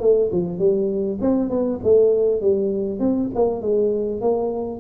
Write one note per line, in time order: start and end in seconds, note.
0.00 0.30 A3
0.32 0.58 F3
0.58 1.18 G3
1.21 1.50 C4
1.50 1.80 B3
1.83 2.41 A3
2.41 2.99 G3
2.99 3.29 C4
3.35 3.61 A#3
3.61 4.21 G#3
4.21 4.80 A#3